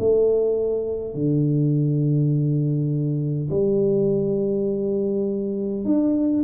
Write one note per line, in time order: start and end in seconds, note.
0.00 1.14 A3
1.14 3.50 D3
3.51 5.85 G3
5.85 6.44 D4